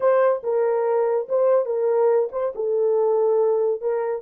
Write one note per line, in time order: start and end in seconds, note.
0.00 0.42 C5
0.43 1.27 A#4
1.28 1.65 C5
1.65 2.29 A#4
2.32 2.53 C5
2.55 3.81 A4
3.81 4.22 A#4